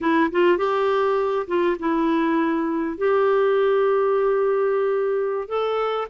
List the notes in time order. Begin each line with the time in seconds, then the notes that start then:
0.00 E4
0.31 F4
0.57 G4
1.47 F4
1.79 E4
2.97 G4
5.48 A4